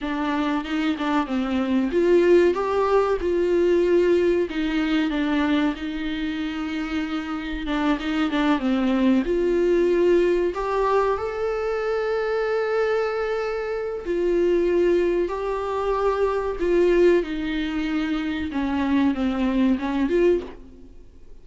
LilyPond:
\new Staff \with { instrumentName = "viola" } { \time 4/4 \tempo 4 = 94 d'4 dis'8 d'8 c'4 f'4 | g'4 f'2 dis'4 | d'4 dis'2. | d'8 dis'8 d'8 c'4 f'4.~ |
f'8 g'4 a'2~ a'8~ | a'2 f'2 | g'2 f'4 dis'4~ | dis'4 cis'4 c'4 cis'8 f'8 | }